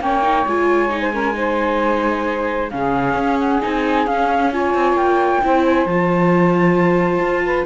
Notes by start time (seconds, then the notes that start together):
0.00 A#3 C#4 C#5 G5
0.23 D#4
0.47 G#3 F4 G#5
0.89 D#4
1.01 C5
1.13 C#4 A#4
1.34 D#4 C5
2.71 C#3 C#4 G#4 F5
3.14 C#4
3.39 F#5
3.62 C4 D#4 G#5
4.07 C#4 F5
4.52 F4 C#5 G#5
4.75 C4
4.93 A#3 G5
5.43 C4 E4 C5
5.65 G#5
5.86 F3 F4 A5
7.20 F4
7.45 B4